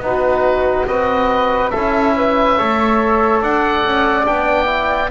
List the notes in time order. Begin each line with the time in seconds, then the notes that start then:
0.00 B3 D#4 F#4 B4
0.87 C4 F#4 B4 D#5
1.70 C#4 E4 A4 E5
2.17 B4
2.58 A3 A4 C#5
3.41 D4 D5 F#5
3.85 C#4
4.24 B3 D4 G5
4.66 E4